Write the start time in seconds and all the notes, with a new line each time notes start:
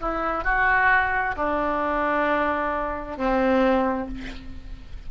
0.00 E4
0.44 F#4
1.36 D4
3.17 C4